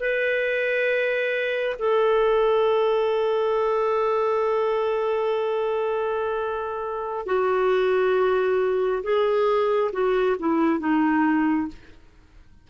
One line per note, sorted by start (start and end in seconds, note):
0.00 1.76 B4
1.79 7.26 A4
7.26 9.03 F#4
9.03 9.91 G#4
9.92 10.36 F#4
10.39 10.80 E4
10.80 11.68 D#4